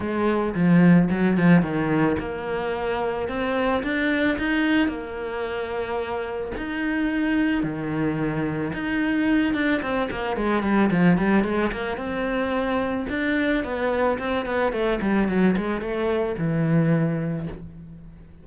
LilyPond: \new Staff \with { instrumentName = "cello" } { \time 4/4 \tempo 4 = 110 gis4 f4 fis8 f8 dis4 | ais2 c'4 d'4 | dis'4 ais2. | dis'2 dis2 |
dis'4. d'8 c'8 ais8 gis8 g8 | f8 g8 gis8 ais8 c'2 | d'4 b4 c'8 b8 a8 g8 | fis8 gis8 a4 e2 | }